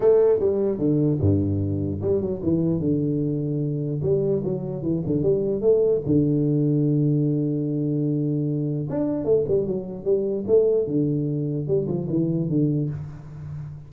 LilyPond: \new Staff \with { instrumentName = "tuba" } { \time 4/4 \tempo 4 = 149 a4 g4 d4 g,4~ | g,4 g8 fis8 e4 d4~ | d2 g4 fis4 | e8 d8 g4 a4 d4~ |
d1~ | d2 d'4 a8 g8 | fis4 g4 a4 d4~ | d4 g8 f8 e4 d4 | }